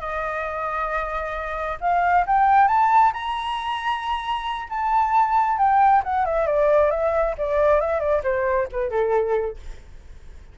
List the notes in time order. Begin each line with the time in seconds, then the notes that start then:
0.00 D#5
1.80 F5
2.26 G5
2.67 A5
3.12 A#5
4.69 A5
5.57 G5
6.03 F#5
6.25 E5
6.46 D5
6.90 E5
7.37 D5
7.80 E5
7.99 D5
8.23 C5
8.72 B4
8.90 A4